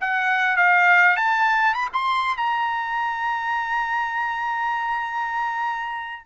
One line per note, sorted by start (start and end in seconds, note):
0.00 0.56 F#5
0.56 1.16 F5
1.16 1.74 A5
1.74 1.89 B5
1.93 2.36 C6
2.36 6.26 A#5